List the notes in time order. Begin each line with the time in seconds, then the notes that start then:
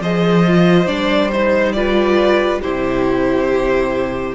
0.00 F3 G#4 C5 D#5
0.47 F4
0.87 G3 D4 D5
1.32 D#4 C5
1.72 F4 B4 D5
2.61 C3 E4 G4 C5